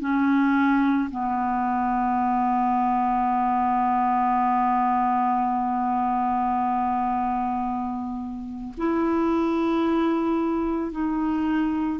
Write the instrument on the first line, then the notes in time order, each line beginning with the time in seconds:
clarinet
0.00 C#4
1.10 B3
8.77 E4
10.91 D#4